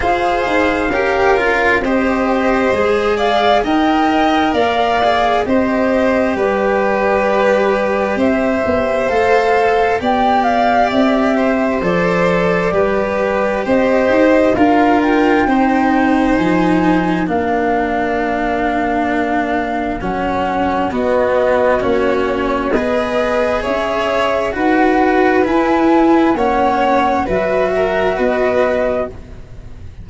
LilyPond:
<<
  \new Staff \with { instrumentName = "flute" } { \time 4/4 \tempo 4 = 66 f''2 dis''4. f''8 | g''4 f''4 dis''4 d''4~ | d''4 e''4 f''4 g''8 f''8 | e''4 d''2 dis''4 |
f''8 g''4. gis''4 f''4~ | f''2 fis''4 dis''4 | cis''4 dis''4 e''4 fis''4 | gis''4 fis''4 e''4 dis''4 | }
  \new Staff \with { instrumentName = "violin" } { \time 4/4 c''4 ais'4 c''4. d''8 | dis''4 d''4 c''4 b'4~ | b'4 c''2 d''4~ | d''8 c''4. b'4 c''4 |
ais'4 c''2 ais'4~ | ais'2. fis'4~ | fis'4 b'4 cis''4 b'4~ | b'4 cis''4 b'8 ais'8 b'4 | }
  \new Staff \with { instrumentName = "cello" } { \time 4/4 gis'4 g'8 f'8 g'4 gis'4 | ais'4. gis'8 g'2~ | g'2 a'4 g'4~ | g'4 a'4 g'2 |
f'4 dis'2 d'4~ | d'2 cis'4 b4 | cis'4 gis'2 fis'4 | e'4 cis'4 fis'2 | }
  \new Staff \with { instrumentName = "tuba" } { \time 4/4 f'8 dis'8 cis'4 c'4 gis4 | dis'4 ais4 c'4 g4~ | g4 c'8 b8 a4 b4 | c'4 f4 g4 c'8 dis'8 |
d'4 c'4 f4 ais4~ | ais2 fis4 b4 | ais4 b4 cis'4 dis'4 | e'4 ais4 fis4 b4 | }
>>